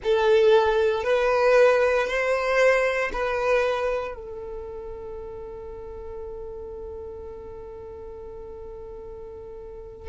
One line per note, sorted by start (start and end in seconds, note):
0.03 1.03 A4
1.03 2.07 B4
2.07 3.10 C5
3.13 4.14 B4
4.14 10.08 A4